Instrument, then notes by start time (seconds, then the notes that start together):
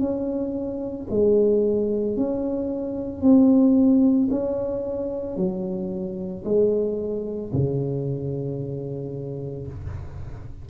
tuba
0.00 C#4
1.11 G#3
2.17 C#4
3.22 C4
4.31 C#4
5.37 F#3
6.45 G#3
7.53 C#3